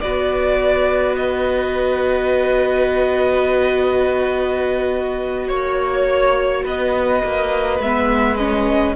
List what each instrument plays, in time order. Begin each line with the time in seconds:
0.00 cello B3, viola F#4, violin B4 D5
1.16 violin D#5
5.48 cello A#3, violin C#5
6.64 cello B3, violin B4 D#5
7.24 cello A#3
7.79 cello G#3, viola B3, violin E5
8.36 viola C#4, violin D#5